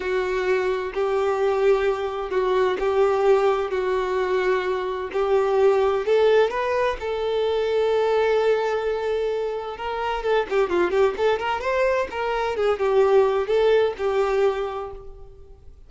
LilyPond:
\new Staff \with { instrumentName = "violin" } { \time 4/4 \tempo 4 = 129 fis'2 g'2~ | g'4 fis'4 g'2 | fis'2. g'4~ | g'4 a'4 b'4 a'4~ |
a'1~ | a'4 ais'4 a'8 g'8 f'8 g'8 | a'8 ais'8 c''4 ais'4 gis'8 g'8~ | g'4 a'4 g'2 | }